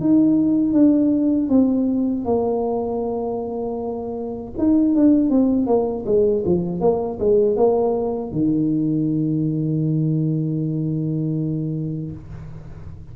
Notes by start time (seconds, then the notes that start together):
0.00 D#4
0.73 D4
1.48 C4
2.24 A#3
4.57 D#4
4.95 D4
5.29 C4
5.66 A#3
6.06 G#3
6.45 F3
6.80 A#3
7.19 G#3
7.56 A#3
8.32 D#3